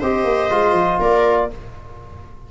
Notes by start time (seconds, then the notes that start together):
0.00 C4 G4 C5 D#5
0.25 A#3
0.50 G#3 F4
0.73 F3
1.00 A#3 A#4 D5